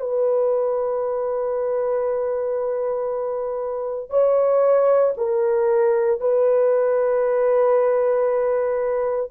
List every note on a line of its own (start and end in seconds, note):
0.00 4.10 B4
4.10 5.13 C#5
5.17 6.20 A#4
6.20 9.31 B4